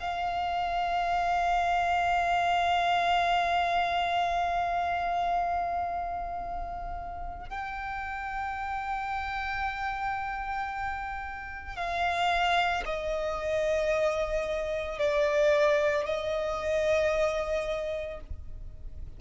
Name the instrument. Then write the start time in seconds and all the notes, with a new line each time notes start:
violin
0.00 F5
7.50 G5
11.77 F5
12.86 D#5
15.00 D5
16.06 D#5